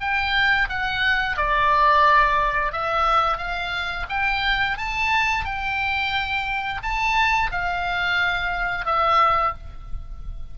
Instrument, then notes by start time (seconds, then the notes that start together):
oboe
0.00 G5
0.69 F#5
1.37 D5
2.72 E5
3.37 F5
4.09 G5
4.77 A5
5.45 G5
6.82 A5
7.51 F5
8.85 E5